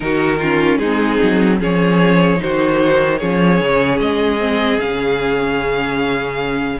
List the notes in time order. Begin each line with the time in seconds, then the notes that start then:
0.00 D#3 D#4 F#4 A#4
0.38 C#4 F4
0.78 G#3 C4 D#4 G#4
1.22 F#3
1.59 F3 C#4 G#4 C#5
2.37 D#4 F#4 C5
2.43 D#3
3.18 F3 C#4 G#4 C#5
3.60 C#3
3.99 G#3 D#5
4.39 C4
4.79 C#3 C#4 F5